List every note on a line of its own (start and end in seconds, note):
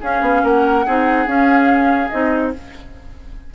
0.00 0.21 C#4
0.00 0.85 C#4
0.00 0.42 G#4
0.00 0.45 F5
0.21 0.42 B3
0.44 0.85 A#3
0.44 0.86 A#4
0.44 1.28 F#5
0.86 1.26 C4
0.86 1.27 D#4
0.86 2.52 G#4
1.26 2.10 C#4
1.26 2.09 F5
2.09 2.54 C4
2.09 2.53 D#4
2.09 2.51 D#5